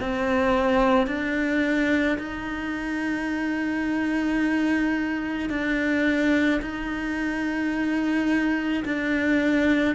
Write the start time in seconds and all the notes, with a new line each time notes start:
0.00 C4
1.07 D4
2.19 D#4
5.49 D4
6.62 D#4
8.85 D4